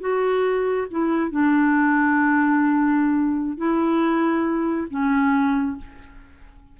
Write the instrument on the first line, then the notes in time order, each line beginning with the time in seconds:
clarinet
0.00 F#4
0.90 E4
1.31 D4
3.57 E4
4.90 C#4